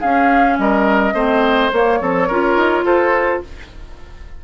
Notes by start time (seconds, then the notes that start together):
0.00 C#4 G#4 F5
0.58 G3 A#4 D#5
1.13 A3 C4 C5
1.72 A#3 C#5
2.00 F3 C4 A4
2.27 C#4 F4 A#4
2.56 D#4
2.83 F4 A4 C5